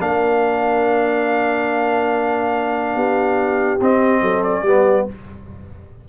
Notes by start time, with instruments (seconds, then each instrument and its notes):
0.00 tuba A#3, trombone D4, horn A#4, trumpet F5
2.95 tuba B3, horn G4
3.81 tuba C4, trombone C4, trumpet D#5
4.22 tuba F#3, horn A4
4.44 trumpet D5
4.62 tuba G3, trombone B3, horn G4